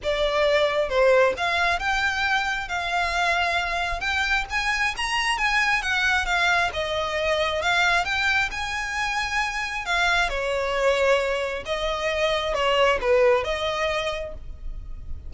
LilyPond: \new Staff \with { instrumentName = "violin" } { \time 4/4 \tempo 4 = 134 d''2 c''4 f''4 | g''2 f''2~ | f''4 g''4 gis''4 ais''4 | gis''4 fis''4 f''4 dis''4~ |
dis''4 f''4 g''4 gis''4~ | gis''2 f''4 cis''4~ | cis''2 dis''2 | cis''4 b'4 dis''2 | }